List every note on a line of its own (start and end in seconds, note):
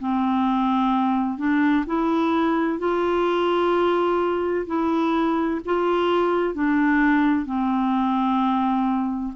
0.00 1.38 C4
1.38 1.85 D4
1.87 2.79 E4
2.79 4.67 F4
4.67 5.61 E4
5.65 6.55 F4
6.55 7.46 D4
7.46 9.33 C4